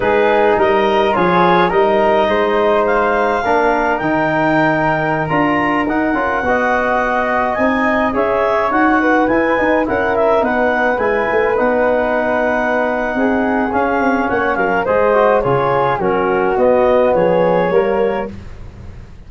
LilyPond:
<<
  \new Staff \with { instrumentName = "clarinet" } { \time 4/4 \tempo 4 = 105 b'4 dis''4 cis''4 dis''4~ | dis''4 f''2 g''4~ | g''4~ g''16 ais''4 fis''4.~ fis''16~ | fis''4~ fis''16 gis''4 e''4 fis''8.~ |
fis''16 gis''4 fis''8 e''8 fis''4 gis''8.~ | gis''16 fis''2.~ fis''8. | f''4 fis''8 f''8 dis''4 cis''4 | ais'4 dis''4 cis''2 | }
  \new Staff \with { instrumentName = "flute" } { \time 4/4 gis'4 ais'4 gis'4 ais'4 | c''2 ais'2~ | ais'2.~ ais'16 dis''8.~ | dis''2~ dis''16 cis''4. b'16~ |
b'4~ b'16 ais'4 b'4.~ b'16~ | b'2. gis'4~ | gis'4 cis''8 ais'8 c''4 gis'4 | fis'2 gis'4 ais'4 | }
  \new Staff \with { instrumentName = "trombone" } { \time 4/4 dis'2 f'4 dis'4~ | dis'2 d'4 dis'4~ | dis'4~ dis'16 f'4 dis'8 f'8 fis'8.~ | fis'4~ fis'16 dis'4 gis'4 fis'8.~ |
fis'16 e'8 dis'8 e'4 dis'4 e'8.~ | e'16 dis'2.~ dis'8. | cis'2 gis'8 fis'8 f'4 | cis'4 b2 ais4 | }
  \new Staff \with { instrumentName = "tuba" } { \time 4/4 gis4 g4 f4 g4 | gis2 ais4 dis4~ | dis4~ dis16 d'4 dis'8 cis'8 b8.~ | b4~ b16 c'4 cis'4 dis'8.~ |
dis'16 e'8 dis'8 cis'4 b4 gis8 a16~ | a16 b2~ b8. c'4 | cis'8 c'8 ais8 fis8 gis4 cis4 | fis4 b4 f4 g4 | }
>>